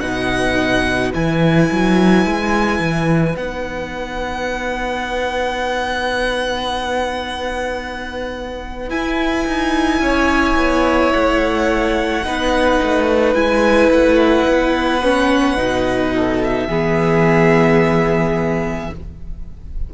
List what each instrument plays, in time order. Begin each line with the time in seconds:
0.00 cello B2, viola D#4, violin B4 F#5
1.13 cello E3, viola E4, violin G#5
1.71 cello F#3
2.25 cello G#3
2.79 cello E3
3.35 cello B3, viola D#4, violin F#5
8.89 viola E4, cello E4, violin G#5
9.46 cello D#4
10.00 cello C#4, violin C#5
10.56 cello B3
11.13 cello A3, violin F#5
12.24 cello B3, viola D#4, violin B4
12.82 cello A3
13.34 cello G#3, viola E4, violin G#5
13.91 cello A3, violin F#5
14.47 cello B3
15.03 viola C#4
15.56 cello B2, viola D#4
16.15 violin A4
16.44 violin E5
16.67 cello E3, viola B3, violin G#4